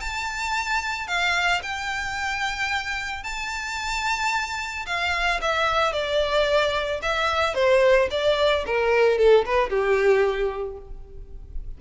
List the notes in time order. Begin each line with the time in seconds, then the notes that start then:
0.00 A5
1.07 F5
1.62 G5
3.23 A5
4.86 F5
5.41 E5
5.92 D5
7.02 E5
7.54 C5
8.11 D5
8.66 A#4
9.18 A4
9.45 B4
9.69 G4